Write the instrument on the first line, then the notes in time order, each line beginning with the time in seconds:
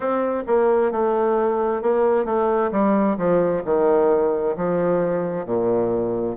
bassoon
0.00 C4
0.47 A#3
0.91 A3
1.81 A#3
2.25 A3
2.71 G3
3.17 F3
3.64 D#3
4.56 F3
5.45 A#2